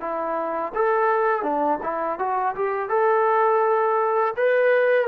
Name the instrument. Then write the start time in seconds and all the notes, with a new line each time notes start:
trombone
0.00 E4
0.74 A4
1.42 D4
1.82 E4
2.18 F#4
2.55 G4
2.89 A4
4.36 B4